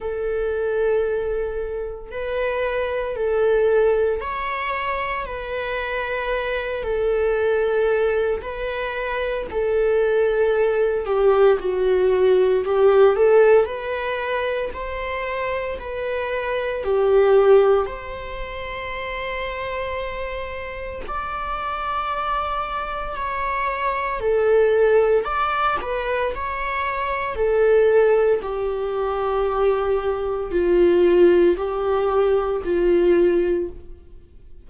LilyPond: \new Staff \with { instrumentName = "viola" } { \time 4/4 \tempo 4 = 57 a'2 b'4 a'4 | cis''4 b'4. a'4. | b'4 a'4. g'8 fis'4 | g'8 a'8 b'4 c''4 b'4 |
g'4 c''2. | d''2 cis''4 a'4 | d''8 b'8 cis''4 a'4 g'4~ | g'4 f'4 g'4 f'4 | }